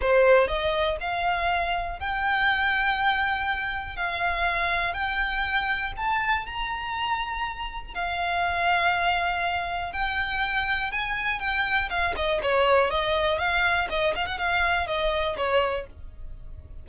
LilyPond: \new Staff \with { instrumentName = "violin" } { \time 4/4 \tempo 4 = 121 c''4 dis''4 f''2 | g''1 | f''2 g''2 | a''4 ais''2. |
f''1 | g''2 gis''4 g''4 | f''8 dis''8 cis''4 dis''4 f''4 | dis''8 f''16 fis''16 f''4 dis''4 cis''4 | }